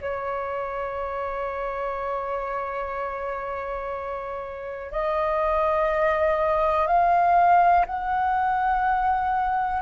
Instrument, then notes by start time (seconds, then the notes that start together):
flute
0.00 C#5
4.91 D#5
6.87 F5
7.86 F#5